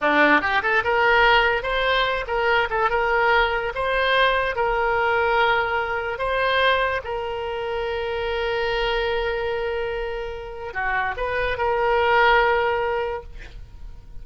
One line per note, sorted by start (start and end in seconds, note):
0.01 0.41 D4
0.41 0.62 G4
0.62 0.83 A4
0.84 1.63 A#4
1.63 2.25 C5
2.27 2.68 A#4
2.70 2.90 A4
2.90 3.72 A#4
3.74 4.55 C5
4.55 6.18 A#4
6.18 7.01 C5
7.04 10.73 A#4
10.73 11.15 F#4
11.16 11.57 B4
11.57 13.23 A#4